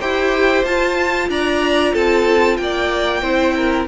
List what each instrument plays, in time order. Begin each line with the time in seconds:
0.00 cello E4, viola G4, violin C5 G5
0.64 cello F4, viola F4, violin A5
1.29 cello D4, violin D5 A#5
1.93 cello C4, violin A4 A5
2.57 cello A#3, violin D5 G5
3.22 cello C4, viola E4, violin C5
3.56 violin A#4